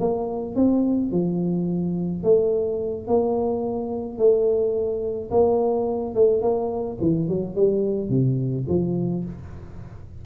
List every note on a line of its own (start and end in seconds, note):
0.00 0.55 A#3
0.55 1.11 C4
1.12 2.24 F3
2.24 3.07 A3
3.07 4.18 A#3
4.18 5.30 A3
5.31 6.15 A#3
6.15 6.42 A3
6.42 6.98 A#3
7.01 7.28 E3
7.28 7.55 F#3
7.55 8.10 G3
8.10 8.66 C3
8.69 9.25 F3